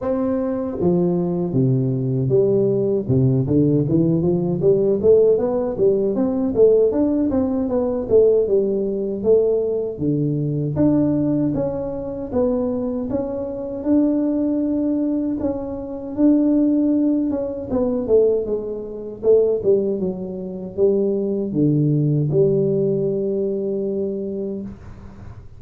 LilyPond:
\new Staff \with { instrumentName = "tuba" } { \time 4/4 \tempo 4 = 78 c'4 f4 c4 g4 | c8 d8 e8 f8 g8 a8 b8 g8 | c'8 a8 d'8 c'8 b8 a8 g4 | a4 d4 d'4 cis'4 |
b4 cis'4 d'2 | cis'4 d'4. cis'8 b8 a8 | gis4 a8 g8 fis4 g4 | d4 g2. | }